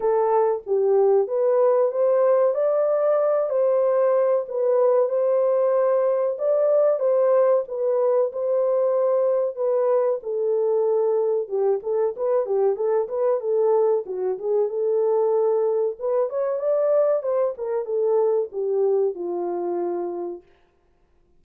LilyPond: \new Staff \with { instrumentName = "horn" } { \time 4/4 \tempo 4 = 94 a'4 g'4 b'4 c''4 | d''4. c''4. b'4 | c''2 d''4 c''4 | b'4 c''2 b'4 |
a'2 g'8 a'8 b'8 g'8 | a'8 b'8 a'4 fis'8 gis'8 a'4~ | a'4 b'8 cis''8 d''4 c''8 ais'8 | a'4 g'4 f'2 | }